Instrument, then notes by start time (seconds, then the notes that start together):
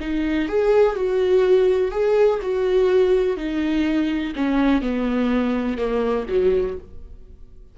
viola
0.00 D#4
0.48 G#4
0.95 F#4
1.91 G#4
2.42 F#4
3.37 D#4
4.35 C#4
4.81 B3
5.77 A#3
6.29 F#3